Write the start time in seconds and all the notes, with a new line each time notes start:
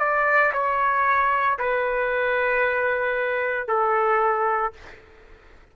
0.00 D5
0.53 C#5
1.59 B4
3.68 A4